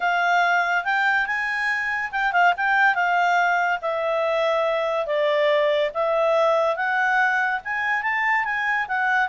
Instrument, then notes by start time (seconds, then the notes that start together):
clarinet
0.00 F5
0.84 G5
1.26 G#5
2.11 G5
2.32 F5
2.56 G5
2.94 F5
3.81 E5
5.06 D5
5.94 E5
6.75 F#5
7.64 G#5
8.02 A5
8.44 G#5
8.87 F#5